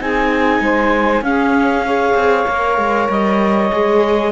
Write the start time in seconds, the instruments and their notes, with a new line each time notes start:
0.00 cello C4, viola D#4, saxophone G#4, clarinet G#5
0.61 cello G#3, saxophone C5
1.22 cello C#4, viola C#4, saxophone G#4, clarinet F5
1.86 viola G#4, saxophone C#5
2.15 cello C4
2.48 cello A#3, viola A#4
2.78 cello G#3
3.10 cello G3, clarinet D#5
3.72 cello G#3, viola G#4